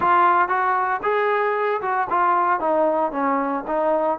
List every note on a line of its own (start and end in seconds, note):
0.00 0.48 F4
0.48 1.00 F#4
1.02 1.81 G#4
1.81 2.07 F#4
2.10 2.60 F4
2.60 3.11 D#4
3.11 3.64 C#4
3.67 4.18 D#4